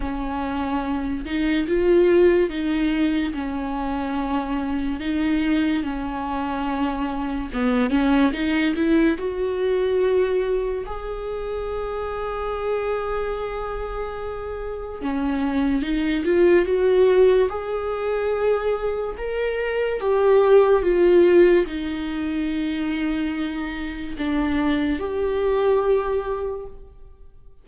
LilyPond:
\new Staff \with { instrumentName = "viola" } { \time 4/4 \tempo 4 = 72 cis'4. dis'8 f'4 dis'4 | cis'2 dis'4 cis'4~ | cis'4 b8 cis'8 dis'8 e'8 fis'4~ | fis'4 gis'2.~ |
gis'2 cis'4 dis'8 f'8 | fis'4 gis'2 ais'4 | g'4 f'4 dis'2~ | dis'4 d'4 g'2 | }